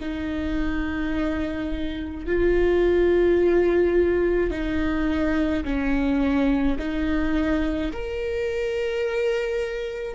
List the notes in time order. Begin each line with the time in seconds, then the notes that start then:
0.00 D#4
2.26 F4
4.50 D#4
5.64 C#4
6.78 D#4
7.92 A#4